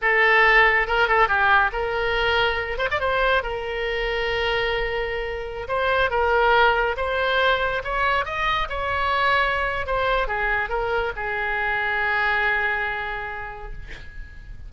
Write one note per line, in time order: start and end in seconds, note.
0.01 0.87 A4
0.87 1.08 A#4
1.08 1.27 A4
1.27 1.70 G4
1.72 2.78 A#4
2.78 2.88 C5
2.90 3.00 D5
3.00 3.42 C5
3.42 5.67 A#4
5.67 6.10 C5
6.10 6.96 A#4
6.96 7.82 C5
7.84 8.25 C#5
8.25 8.68 D#5
8.69 9.86 C#5
9.86 10.27 C5
10.27 10.69 G#4
10.69 11.12 A#4
11.15 13.73 G#4